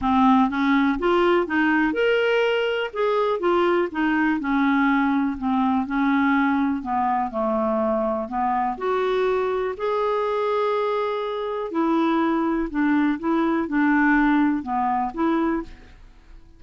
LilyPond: \new Staff \with { instrumentName = "clarinet" } { \time 4/4 \tempo 4 = 123 c'4 cis'4 f'4 dis'4 | ais'2 gis'4 f'4 | dis'4 cis'2 c'4 | cis'2 b4 a4~ |
a4 b4 fis'2 | gis'1 | e'2 d'4 e'4 | d'2 b4 e'4 | }